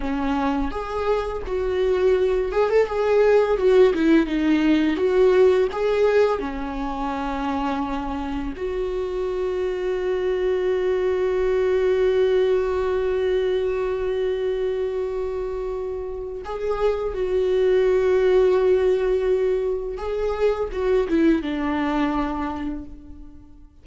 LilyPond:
\new Staff \with { instrumentName = "viola" } { \time 4/4 \tempo 4 = 84 cis'4 gis'4 fis'4. gis'16 a'16 | gis'4 fis'8 e'8 dis'4 fis'4 | gis'4 cis'2. | fis'1~ |
fis'1~ | fis'2. gis'4 | fis'1 | gis'4 fis'8 e'8 d'2 | }